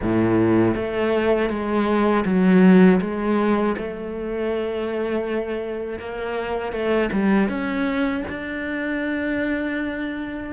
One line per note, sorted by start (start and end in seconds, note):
0.02 0.75 A2
0.75 1.49 A3
1.49 2.24 G#3
2.25 3.00 F#3
3.00 3.75 G#3
3.77 5.99 A3
5.99 6.72 A#3
6.72 7.09 A3
7.12 7.49 G3
7.49 8.24 C#4
8.28 10.53 D4